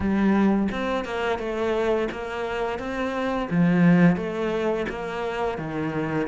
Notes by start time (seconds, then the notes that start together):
0.00 G3
0.71 C4
1.04 A#3
1.38 A3
2.11 A#3
2.78 C4
3.50 F3
4.16 A3
4.89 A#3
5.58 D#3